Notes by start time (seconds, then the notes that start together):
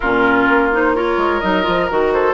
0.00 A#2 C#4 F4 A#4
0.48 A#3
0.72 D#4 C5
0.95 F4 A#4 C#5
1.17 G#3
1.40 F#3 D#4 D#5
1.62 F3 F4
1.87 D#3 F#4 A#4
2.12 A4 C5